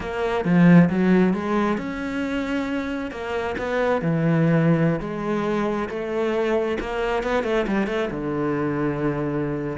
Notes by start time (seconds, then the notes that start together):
0.00 A#3
0.44 F3
0.89 F#3
1.33 G#3
1.77 C#4
3.11 A#3
3.58 B3
4.01 E3
5.00 G#3
5.89 A3
6.80 A#3
7.23 B3
7.43 A3
7.67 G3
7.87 A3
8.11 D3